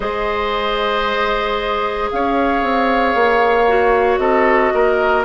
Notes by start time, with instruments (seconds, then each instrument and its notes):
0.00 bassoon G#3, clarinet G#4, oboe C5, flute D#5
2.11 bassoon C#4, oboe C#5, flute F5
2.62 bassoon C4
3.14 bassoon A#3
3.67 clarinet F#4
4.18 bassoon C4, oboe A4, flute D#5
4.73 bassoon A#3, oboe A#4